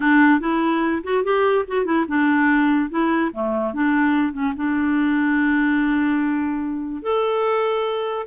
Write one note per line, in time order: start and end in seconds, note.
0.00 0.40 D4
0.40 1.02 E4
1.03 1.24 F#4
1.24 1.65 G4
1.67 1.85 F#4
1.85 2.05 E4
2.08 2.89 D4
2.89 3.31 E4
3.32 3.73 A3
3.73 4.32 D4
4.32 4.53 C#4
4.56 7.02 D4
7.02 8.26 A4